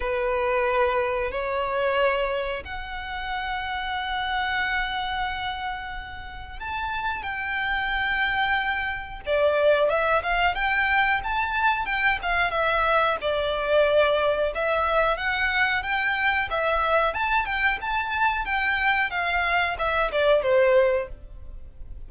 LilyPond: \new Staff \with { instrumentName = "violin" } { \time 4/4 \tempo 4 = 91 b'2 cis''2 | fis''1~ | fis''2 a''4 g''4~ | g''2 d''4 e''8 f''8 |
g''4 a''4 g''8 f''8 e''4 | d''2 e''4 fis''4 | g''4 e''4 a''8 g''8 a''4 | g''4 f''4 e''8 d''8 c''4 | }